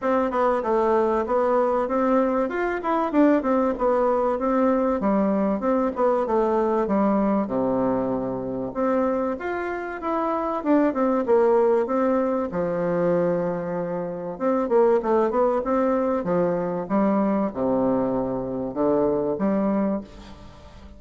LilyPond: \new Staff \with { instrumentName = "bassoon" } { \time 4/4 \tempo 4 = 96 c'8 b8 a4 b4 c'4 | f'8 e'8 d'8 c'8 b4 c'4 | g4 c'8 b8 a4 g4 | c2 c'4 f'4 |
e'4 d'8 c'8 ais4 c'4 | f2. c'8 ais8 | a8 b8 c'4 f4 g4 | c2 d4 g4 | }